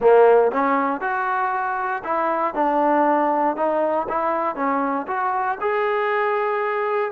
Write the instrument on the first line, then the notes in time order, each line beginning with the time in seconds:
trombone
0.00 A#3
0.51 C#4
1.01 F#4
2.03 E4
2.54 D4
3.56 D#4
4.08 E4
4.55 C#4
5.07 F#4
5.60 G#4